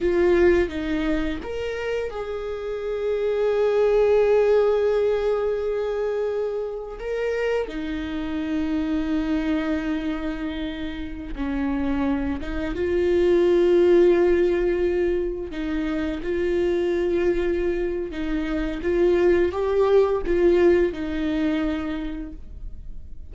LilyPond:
\new Staff \with { instrumentName = "viola" } { \time 4/4 \tempo 4 = 86 f'4 dis'4 ais'4 gis'4~ | gis'1~ | gis'2 ais'4 dis'4~ | dis'1~ |
dis'16 cis'4. dis'8 f'4.~ f'16~ | f'2~ f'16 dis'4 f'8.~ | f'2 dis'4 f'4 | g'4 f'4 dis'2 | }